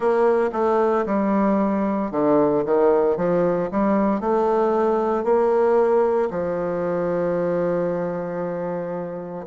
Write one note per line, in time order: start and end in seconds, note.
0.00 0.50 A#3
0.52 1.05 A3
1.05 2.11 G3
2.11 2.64 D3
2.65 3.16 D#3
3.16 3.69 F3
3.71 4.20 G3
4.20 5.23 A3
5.23 6.29 A#3
6.30 9.45 F3